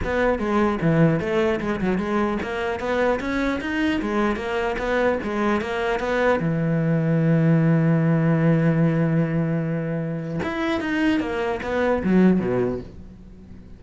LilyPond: \new Staff \with { instrumentName = "cello" } { \time 4/4 \tempo 4 = 150 b4 gis4 e4 a4 | gis8 fis8 gis4 ais4 b4 | cis'4 dis'4 gis4 ais4 | b4 gis4 ais4 b4 |
e1~ | e1~ | e2 e'4 dis'4 | ais4 b4 fis4 b,4 | }